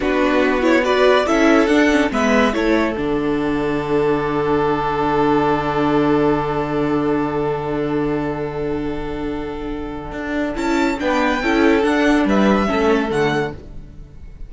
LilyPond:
<<
  \new Staff \with { instrumentName = "violin" } { \time 4/4 \tempo 4 = 142 b'4. cis''8 d''4 e''4 | fis''4 e''4 cis''4 fis''4~ | fis''1~ | fis''1~ |
fis''1~ | fis''1~ | fis''4 a''4 g''2 | fis''4 e''2 fis''4 | }
  \new Staff \with { instrumentName = "violin" } { \time 4/4 fis'2 b'4 a'4~ | a'4 b'4 a'2~ | a'1~ | a'1~ |
a'1~ | a'1~ | a'2 b'4 a'4~ | a'4 b'4 a'2 | }
  \new Staff \with { instrumentName = "viola" } { \time 4/4 d'4. e'8 fis'4 e'4 | d'8 cis'8 b4 e'4 d'4~ | d'1~ | d'1~ |
d'1~ | d'1~ | d'4 e'4 d'4 e'4 | d'2 cis'4 a4 | }
  \new Staff \with { instrumentName = "cello" } { \time 4/4 b2. cis'4 | d'4 gis4 a4 d4~ | d1~ | d1~ |
d1~ | d1 | d'4 cis'4 b4 cis'4 | d'4 g4 a4 d4 | }
>>